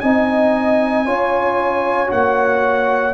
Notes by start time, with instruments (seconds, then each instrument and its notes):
0.00 tuba C4, trombone D#4, horn D#5, trumpet G#5
1.05 tuba C#4, trombone F4, horn C#5
2.07 tuba A#3, trombone F#4, trumpet F#5